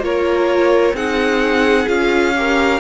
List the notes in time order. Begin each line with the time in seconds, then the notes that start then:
0.00 A#3 F4 A#4 C#5
0.94 C4 D#4 G#4 F#5
1.87 C#4 F4 F5
2.36 G4 A#4